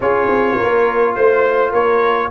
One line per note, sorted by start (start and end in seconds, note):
0.00 0.27 C#4
0.00 2.30 F4
0.00 0.56 G#4
0.00 1.14 C#5
0.27 0.56 C4
0.56 1.14 A#4
0.62 1.16 A#3
1.14 1.73 A3
1.14 1.72 C5
1.14 1.71 C5
1.71 2.30 A#3
1.71 2.29 A#4
1.71 2.30 C#5